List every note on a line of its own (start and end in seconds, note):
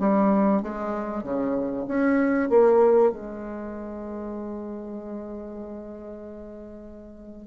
0.00 0.62 G3
0.62 1.24 G#3
1.24 1.86 C#3
1.88 2.50 C#4
2.50 3.12 A#3
3.12 7.48 G#3